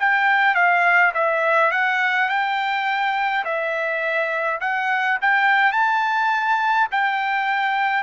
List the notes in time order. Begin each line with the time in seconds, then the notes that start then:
0.00 G5
0.55 F5
1.14 E5
1.72 F#5
2.29 G5
3.45 E5
4.60 F#5
5.21 G5
5.72 A5
6.92 G5